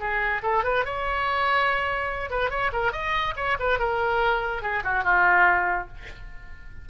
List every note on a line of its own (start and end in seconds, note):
0.00 0.42 G#4
0.43 0.64 A4
0.64 0.85 B4
0.85 2.30 C#5
2.30 2.50 B4
2.50 2.71 C#5
2.73 2.92 A#4
2.92 3.34 D#5
3.36 3.57 C#5
3.60 3.79 B4
3.79 4.62 A#4
4.62 4.83 G#4
4.84 5.04 F#4
5.04 5.88 F4